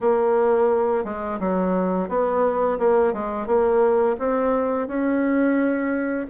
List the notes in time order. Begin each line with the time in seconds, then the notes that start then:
0.00 A#3
1.04 G#3
1.39 F#3
2.08 B3
2.78 A#3
3.13 G#3
3.46 A#3
4.19 C4
4.87 C#4